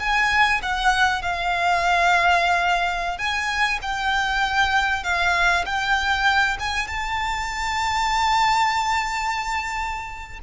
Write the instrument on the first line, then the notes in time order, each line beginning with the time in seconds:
violin
0.00 G#5
0.62 F#5
1.22 F5
3.18 G#5
3.82 G5
5.04 F5
5.65 G5
6.60 G#5
6.87 A5